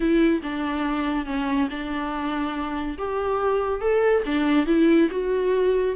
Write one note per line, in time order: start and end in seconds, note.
0.00 0.41 E4
0.42 1.25 D4
1.25 1.68 C#4
1.70 2.97 D4
2.97 3.80 G4
3.80 4.23 A4
4.25 4.66 D4
4.66 5.09 E4
5.11 5.95 F#4